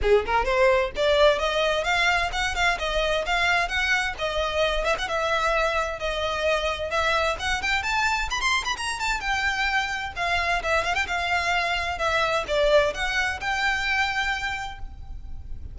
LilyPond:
\new Staff \with { instrumentName = "violin" } { \time 4/4 \tempo 4 = 130 gis'8 ais'8 c''4 d''4 dis''4 | f''4 fis''8 f''8 dis''4 f''4 | fis''4 dis''4. e''16 fis''16 e''4~ | e''4 dis''2 e''4 |
fis''8 g''8 a''4 b''16 c'''8 b''16 ais''8 a''8 | g''2 f''4 e''8 f''16 g''16 | f''2 e''4 d''4 | fis''4 g''2. | }